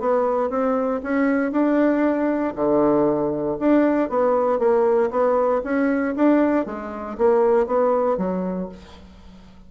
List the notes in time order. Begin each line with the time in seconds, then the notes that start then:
0.00 B3
0.50 C4
1.03 C#4
1.52 D4
2.55 D3
3.59 D4
4.09 B3
4.59 A#3
5.11 B3
5.64 C#4
6.16 D4
6.66 G#3
7.18 A#3
7.67 B3
8.18 F#3